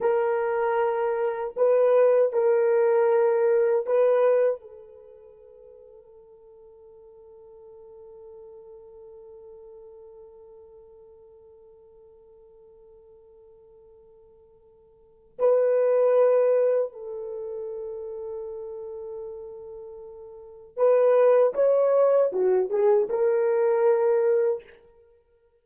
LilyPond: \new Staff \with { instrumentName = "horn" } { \time 4/4 \tempo 4 = 78 ais'2 b'4 ais'4~ | ais'4 b'4 a'2~ | a'1~ | a'1~ |
a'1 | b'2 a'2~ | a'2. b'4 | cis''4 fis'8 gis'8 ais'2 | }